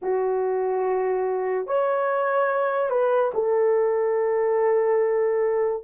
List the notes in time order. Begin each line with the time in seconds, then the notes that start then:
0.02 F#4
1.66 C#5
2.89 B4
3.34 A4